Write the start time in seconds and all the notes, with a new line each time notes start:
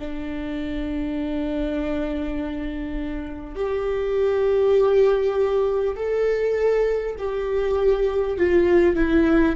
0.00 D4
3.56 G4
5.96 A4
7.19 G4
8.38 F4
8.96 E4